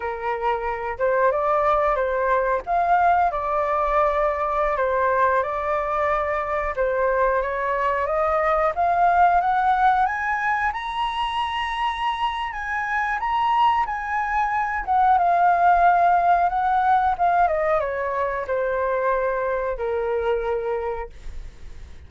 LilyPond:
\new Staff \with { instrumentName = "flute" } { \time 4/4 \tempo 4 = 91 ais'4. c''8 d''4 c''4 | f''4 d''2~ d''16 c''8.~ | c''16 d''2 c''4 cis''8.~ | cis''16 dis''4 f''4 fis''4 gis''8.~ |
gis''16 ais''2~ ais''8. gis''4 | ais''4 gis''4. fis''8 f''4~ | f''4 fis''4 f''8 dis''8 cis''4 | c''2 ais'2 | }